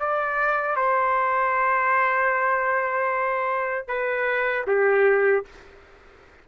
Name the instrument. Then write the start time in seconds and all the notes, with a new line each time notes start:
trumpet
0.00 D5
0.77 C5
3.88 B4
4.67 G4